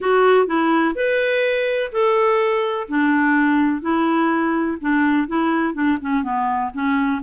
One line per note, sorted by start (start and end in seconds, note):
0.00 0.46 F#4
0.46 0.94 E4
0.95 1.91 B4
1.91 2.87 A4
2.88 3.81 D4
3.81 4.77 E4
4.80 5.27 D4
5.27 5.73 E4
5.73 5.97 D4
6.01 6.23 C#4
6.23 6.71 B3
6.73 7.21 C#4